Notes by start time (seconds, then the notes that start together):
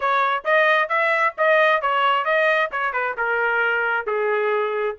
0.00 C#5
0.44 D#5
0.88 E5
1.37 D#5
1.81 C#5
2.24 D#5
2.71 C#5
2.93 B4
3.17 A#4
4.06 G#4